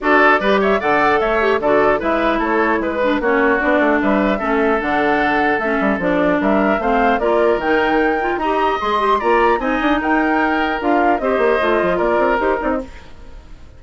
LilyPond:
<<
  \new Staff \with { instrumentName = "flute" } { \time 4/4 \tempo 4 = 150 d''4. e''8 fis''4 e''4 | d''4 e''4 cis''4 b'4 | cis''4 d''4 e''2 | fis''2 e''4 d''4 |
e''4 f''4 d''4 g''4~ | g''4 ais''4 c'''4 ais''4 | gis''4 g''2 f''4 | dis''2 d''4 c''8 d''16 dis''16 | }
  \new Staff \with { instrumentName = "oboe" } { \time 4/4 a'4 b'8 cis''8 d''4 cis''4 | a'4 b'4 a'4 b'4 | fis'2 b'4 a'4~ | a'1 |
ais'4 c''4 ais'2~ | ais'4 dis''2 d''4 | dis''4 ais'2. | c''2 ais'2 | }
  \new Staff \with { instrumentName = "clarinet" } { \time 4/4 fis'4 g'4 a'4. g'8 | fis'4 e'2~ e'8 d'8 | cis'4 d'2 cis'4 | d'2 cis'4 d'4~ |
d'4 c'4 f'4 dis'4~ | dis'8 f'8 g'4 gis'8 g'8 f'4 | dis'2. f'4 | g'4 f'2 g'8 dis'8 | }
  \new Staff \with { instrumentName = "bassoon" } { \time 4/4 d'4 g4 d4 a4 | d4 gis4 a4 gis4 | ais4 b8 a8 g4 a4 | d2 a8 g8 f4 |
g4 a4 ais4 dis4~ | dis4 dis'4 gis4 ais4 | c'8 d'8 dis'2 d'4 | c'8 ais8 a8 f8 ais8 c'8 dis'8 c'8 | }
>>